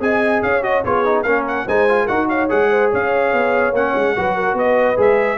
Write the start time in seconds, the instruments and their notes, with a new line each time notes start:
0.00 tuba C4, trombone G#4, horn D#5, trumpet G#5
0.43 tuba C#4, horn C#5, trumpet F5
0.62 trombone F#4, trumpet D#5
0.84 tuba B3, trombone F4, horn G#4, trumpet C#5
1.05 trombone D#4
1.23 tuba A#3, trombone C#4, horn A#4, trumpet F5
1.47 trumpet F#5
1.66 tuba G#3, trombone D#4, horn C5, trumpet G#5
1.89 trombone F4
2.05 tuba D#4, trombone F#4, horn A#4, trumpet F#5
2.28 horn C#5, trumpet F5
2.49 tuba G#3, trombone G#4, trumpet F#5
2.70 horn C5
2.91 tuba C#4, horn C#5, trumpet F5
3.33 tuba B3
3.72 tuba A#3, trombone C#4, trumpet F#5
3.95 tuba G#3
4.16 tuba F#3, trombone F#4, horn B4
4.35 horn A#4
4.54 tuba B3, horn B4, trumpet D#5
4.96 tuba G#3, trombone G#4, trumpet E5